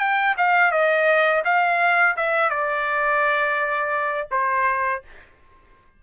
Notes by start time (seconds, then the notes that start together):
0.00 G5
0.38 F5
0.72 D#5
1.45 F5
2.17 E5
2.50 D5
4.31 C5